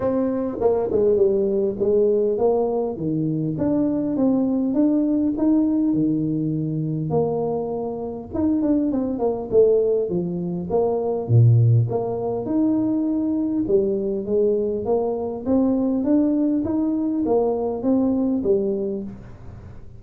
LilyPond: \new Staff \with { instrumentName = "tuba" } { \time 4/4 \tempo 4 = 101 c'4 ais8 gis8 g4 gis4 | ais4 dis4 d'4 c'4 | d'4 dis'4 dis2 | ais2 dis'8 d'8 c'8 ais8 |
a4 f4 ais4 ais,4 | ais4 dis'2 g4 | gis4 ais4 c'4 d'4 | dis'4 ais4 c'4 g4 | }